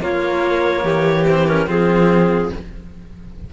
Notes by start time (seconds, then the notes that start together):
0.00 A#3 F4 C#5
0.83 E3 G4
1.27 C4 C5
1.48 C#4 A#4
1.66 F3 C4 F4 G#4